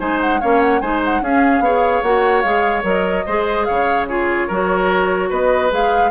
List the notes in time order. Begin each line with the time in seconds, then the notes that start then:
0.00 G#3 D#4 C5 G#5
0.21 F#5
0.41 A#3 C#4 C#5 F5
0.62 F#5
0.81 G#3 D#4 C5 G#5
1.05 F#5
1.22 C#4 G#4 F5
1.60 B3 G#4 C#5
2.03 A#3 F#4 F#5
2.42 G#3 G#4 F5
2.83 F#3 A#4 D#5
3.26 G#3 G#4 C5
3.65 C#3 C#5 F5
4.09 F4 G#4 C#5
4.48 F#3 F#4 A#4
5.30 B3 B4 D#5
5.71 G#3 G#4 F5